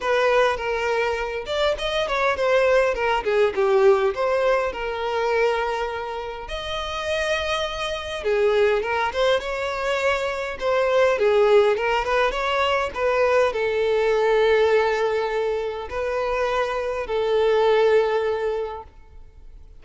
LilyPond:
\new Staff \with { instrumentName = "violin" } { \time 4/4 \tempo 4 = 102 b'4 ais'4. d''8 dis''8 cis''8 | c''4 ais'8 gis'8 g'4 c''4 | ais'2. dis''4~ | dis''2 gis'4 ais'8 c''8 |
cis''2 c''4 gis'4 | ais'8 b'8 cis''4 b'4 a'4~ | a'2. b'4~ | b'4 a'2. | }